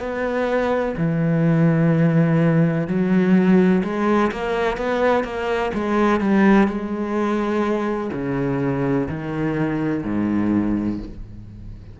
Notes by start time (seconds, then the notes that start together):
0.00 B3
0.97 E3
2.88 F#3
3.84 G#3
4.32 A#3
4.77 B3
5.24 A#3
5.74 G#3
6.21 G3
6.68 G#3
8.13 C#3
9.09 D#3
10.04 G#2